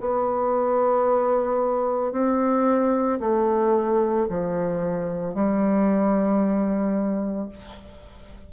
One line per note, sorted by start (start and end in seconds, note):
0.00 2.12 B3
2.12 3.19 C4
3.20 4.27 A3
4.30 5.35 F3
5.35 7.49 G3